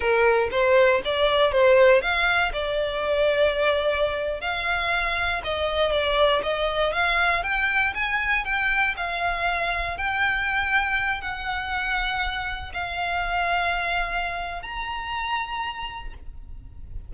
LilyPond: \new Staff \with { instrumentName = "violin" } { \time 4/4 \tempo 4 = 119 ais'4 c''4 d''4 c''4 | f''4 d''2.~ | d''8. f''2 dis''4 d''16~ | d''8. dis''4 f''4 g''4 gis''16~ |
gis''8. g''4 f''2 g''16~ | g''2~ g''16 fis''4.~ fis''16~ | fis''4~ fis''16 f''2~ f''8.~ | f''4 ais''2. | }